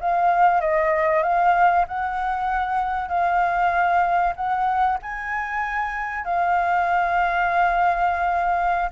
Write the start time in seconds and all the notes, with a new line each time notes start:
0.00 F5
0.61 D#5
1.23 F5
1.88 F#5
3.08 F5
4.36 F#5
5.02 G#5
6.24 F5